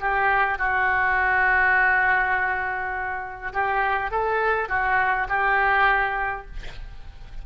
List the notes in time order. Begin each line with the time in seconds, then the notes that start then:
0.00 G4
0.58 F#4
3.53 G4
4.11 A4
4.68 F#4
5.28 G4